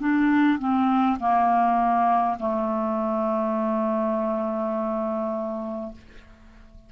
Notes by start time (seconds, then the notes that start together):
0.00 D4
0.59 C4
1.20 A#3
2.40 A3